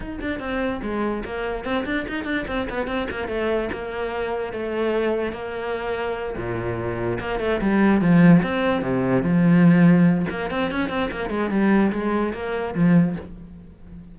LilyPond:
\new Staff \with { instrumentName = "cello" } { \time 4/4 \tempo 4 = 146 dis'8 d'8 c'4 gis4 ais4 | c'8 d'8 dis'8 d'8 c'8 b8 c'8 ais8 | a4 ais2 a4~ | a4 ais2~ ais8 ais,8~ |
ais,4. ais8 a8 g4 f8~ | f8 c'4 c4 f4.~ | f4 ais8 c'8 cis'8 c'8 ais8 gis8 | g4 gis4 ais4 f4 | }